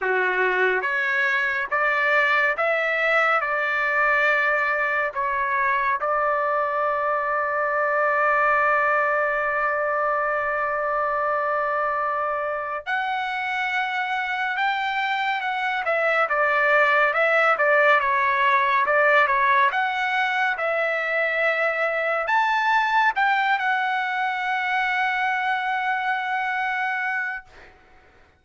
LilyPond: \new Staff \with { instrumentName = "trumpet" } { \time 4/4 \tempo 4 = 70 fis'4 cis''4 d''4 e''4 | d''2 cis''4 d''4~ | d''1~ | d''2. fis''4~ |
fis''4 g''4 fis''8 e''8 d''4 | e''8 d''8 cis''4 d''8 cis''8 fis''4 | e''2 a''4 g''8 fis''8~ | fis''1 | }